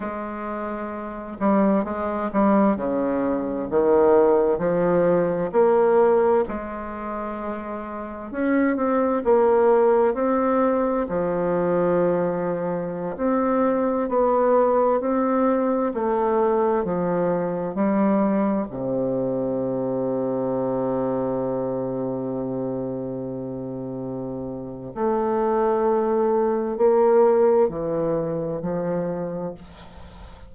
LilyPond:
\new Staff \with { instrumentName = "bassoon" } { \time 4/4 \tempo 4 = 65 gis4. g8 gis8 g8 cis4 | dis4 f4 ais4 gis4~ | gis4 cis'8 c'8 ais4 c'4 | f2~ f16 c'4 b8.~ |
b16 c'4 a4 f4 g8.~ | g16 c2.~ c8.~ | c2. a4~ | a4 ais4 e4 f4 | }